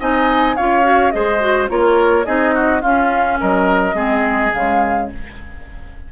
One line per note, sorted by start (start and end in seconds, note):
0.00 0.57 C4
0.00 0.57 D#4
0.00 0.56 D#5
0.00 0.56 G#5
0.56 1.14 C#4
0.56 0.83 F4
0.56 1.13 C#5
0.56 1.11 F5
0.83 1.12 F#4
1.11 1.70 G#3
1.11 1.40 G#4
1.11 1.70 C5
1.11 1.68 D#5
1.40 1.69 F#4
1.69 2.26 A#3
1.69 2.25 F4
1.69 2.26 A#4
1.69 2.25 C#5
2.25 2.83 C4
2.25 2.82 D#4
2.25 2.54 G#4
2.25 2.82 D#5
2.54 2.81 F#4
2.81 3.39 C#4
2.81 3.94 C#4
2.81 3.38 F4
2.81 3.39 F5
3.40 3.94 F#3
3.40 3.96 A#4
3.40 4.53 D#5
3.94 4.51 G#3
3.94 4.51 C4
3.94 5.09 G#4
4.53 5.11 C#3
4.53 5.12 G#3
4.53 5.10 F5